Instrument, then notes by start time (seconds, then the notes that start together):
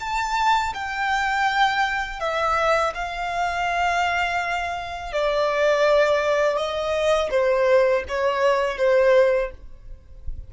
violin
0.00 A5
0.74 G5
2.20 E5
2.94 F5
5.13 D5
6.57 D#5
7.31 C5
8.09 C#5
8.77 C5